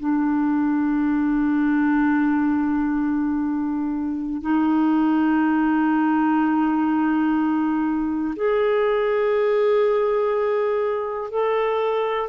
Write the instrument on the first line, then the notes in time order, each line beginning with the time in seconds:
clarinet
0.00 D4
4.42 D#4
8.37 G#4
11.31 A4